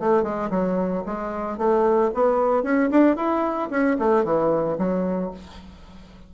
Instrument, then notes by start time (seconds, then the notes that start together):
bassoon
0.00 A3
0.23 G#3
0.50 F#3
1.06 G#3
1.58 A3
2.14 B3
2.63 C#4
2.91 D4
3.17 E4
3.70 C#4
3.99 A3
4.25 E3
4.78 F#3